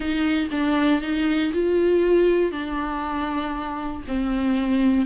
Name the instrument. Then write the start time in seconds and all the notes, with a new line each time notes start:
viola
0.00 D#4
0.51 D4
1.01 D#4
1.53 F4
2.51 D4
4.07 C4